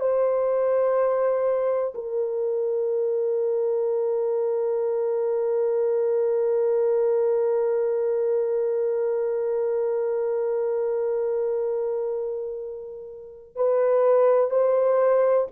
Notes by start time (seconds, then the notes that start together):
0.00 C5
1.94 A#4
13.56 B4
14.51 C5